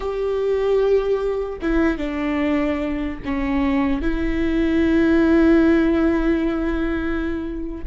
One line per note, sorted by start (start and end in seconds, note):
0.00 1.59 G4
1.61 1.97 E4
1.97 3.18 D4
3.24 4.01 C#4
4.01 7.84 E4